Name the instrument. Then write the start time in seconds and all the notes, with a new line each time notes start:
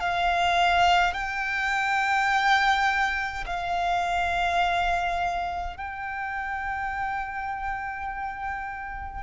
violin
0.00 F5
1.14 G5
3.46 F5
5.77 G5